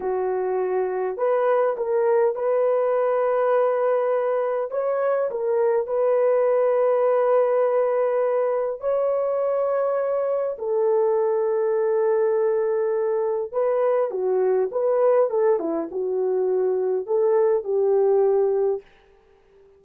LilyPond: \new Staff \with { instrumentName = "horn" } { \time 4/4 \tempo 4 = 102 fis'2 b'4 ais'4 | b'1 | cis''4 ais'4 b'2~ | b'2. cis''4~ |
cis''2 a'2~ | a'2. b'4 | fis'4 b'4 a'8 e'8 fis'4~ | fis'4 a'4 g'2 | }